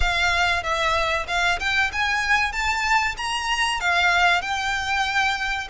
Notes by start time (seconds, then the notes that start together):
0.00 F5
0.63 E5
1.27 F5
1.59 G5
1.92 G#5
2.52 A5
3.17 A#5
3.80 F5
4.41 G5